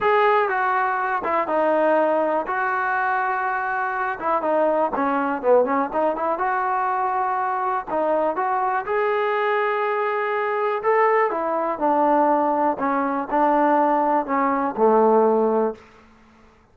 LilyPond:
\new Staff \with { instrumentName = "trombone" } { \time 4/4 \tempo 4 = 122 gis'4 fis'4. e'8 dis'4~ | dis'4 fis'2.~ | fis'8 e'8 dis'4 cis'4 b8 cis'8 | dis'8 e'8 fis'2. |
dis'4 fis'4 gis'2~ | gis'2 a'4 e'4 | d'2 cis'4 d'4~ | d'4 cis'4 a2 | }